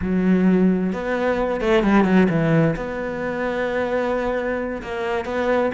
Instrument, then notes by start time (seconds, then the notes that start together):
cello
0.01 F#3
0.93 B3
1.61 A3
1.83 G3
2.04 F#3
2.29 E3
2.76 B3
4.82 A#3
5.25 B3